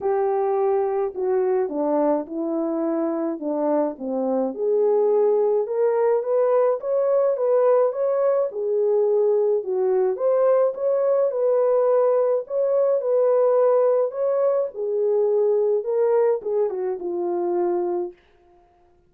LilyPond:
\new Staff \with { instrumentName = "horn" } { \time 4/4 \tempo 4 = 106 g'2 fis'4 d'4 | e'2 d'4 c'4 | gis'2 ais'4 b'4 | cis''4 b'4 cis''4 gis'4~ |
gis'4 fis'4 c''4 cis''4 | b'2 cis''4 b'4~ | b'4 cis''4 gis'2 | ais'4 gis'8 fis'8 f'2 | }